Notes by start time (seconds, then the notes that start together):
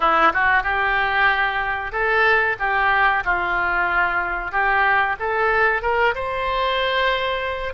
0.00 E4
0.33 F#4
0.63 G4
1.92 A4
2.59 G4
3.25 F4
4.51 G4
5.19 A4
5.82 A#4
6.14 C5